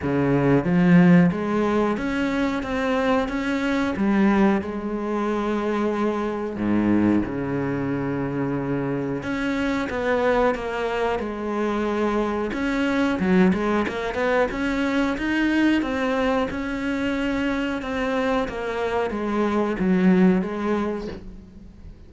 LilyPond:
\new Staff \with { instrumentName = "cello" } { \time 4/4 \tempo 4 = 91 cis4 f4 gis4 cis'4 | c'4 cis'4 g4 gis4~ | gis2 gis,4 cis4~ | cis2 cis'4 b4 |
ais4 gis2 cis'4 | fis8 gis8 ais8 b8 cis'4 dis'4 | c'4 cis'2 c'4 | ais4 gis4 fis4 gis4 | }